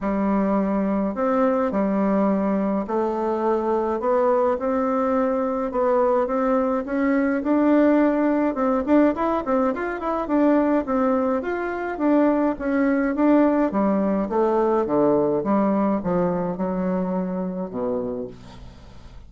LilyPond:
\new Staff \with { instrumentName = "bassoon" } { \time 4/4 \tempo 4 = 105 g2 c'4 g4~ | g4 a2 b4 | c'2 b4 c'4 | cis'4 d'2 c'8 d'8 |
e'8 c'8 f'8 e'8 d'4 c'4 | f'4 d'4 cis'4 d'4 | g4 a4 d4 g4 | f4 fis2 b,4 | }